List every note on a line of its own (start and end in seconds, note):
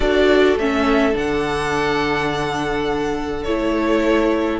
0.00 0.56 D4
0.00 0.58 F#4
0.00 4.59 A4
0.00 0.57 D5
0.56 1.14 A3
0.56 1.12 C#4
0.56 1.16 E5
1.12 3.47 D3
1.12 3.43 D4
1.12 3.43 F#5
3.43 4.59 A3
3.43 4.59 E4
3.43 4.59 C#5